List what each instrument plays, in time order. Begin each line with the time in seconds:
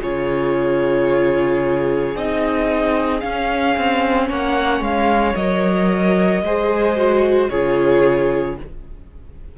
0.00 cello C#3, viola F4, violin G#4 C#5
2.15 cello C4, viola D#4, violin D#5
3.20 viola C#4, cello C#4, violin F5
3.77 cello C4
4.27 cello A#3, violin C#5 F#5
4.80 cello G#3, violin F5
5.35 cello F#3, viola A#4, violin D#5
6.42 cello G#3, viola G#4, violin C5
6.96 viola F#4
7.49 cello C#3, viola F4, violin G#4 C#5